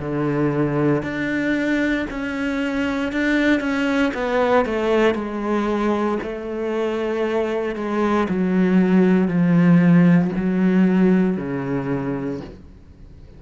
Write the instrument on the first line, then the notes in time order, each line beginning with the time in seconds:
cello
0.00 D3
1.03 D4
2.10 C#4
3.12 D4
3.60 C#4
4.14 B3
4.66 A3
5.15 G#3
6.23 A3
7.76 G#3
8.29 F#3
9.28 F3
10.36 F#3
11.37 C#3